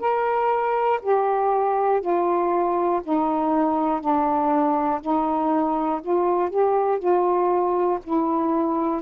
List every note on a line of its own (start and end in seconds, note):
0.00 1.00 A#4
1.02 2.01 G4
2.01 3.01 F4
3.03 4.01 D#4
4.01 5.01 D4
5.01 6.01 D#4
6.01 6.50 F4
6.50 6.99 G4
6.99 7.99 F4
8.04 9.02 E4